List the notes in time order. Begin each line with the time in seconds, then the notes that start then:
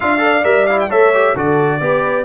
0.00 D4 F4 E5 F5
0.18 A4 D5
0.43 G3 A#4 E5
0.67 E4 F5
0.80 G5
0.89 A3 A4 C#5 E5
1.14 G4
1.34 D3 F#4 A4 D5
1.80 B3 G4 B4